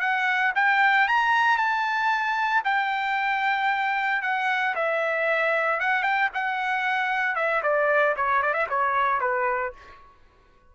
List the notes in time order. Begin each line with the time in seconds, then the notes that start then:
0.00 F#5
0.55 G5
1.08 A#5
1.57 A5
2.65 G5
4.22 F#5
4.75 E5
5.80 F#5
6.03 G5
6.34 F#5
7.35 E5
7.63 D5
8.16 C#5
8.42 D5
8.54 E5
8.70 C#5
9.20 B4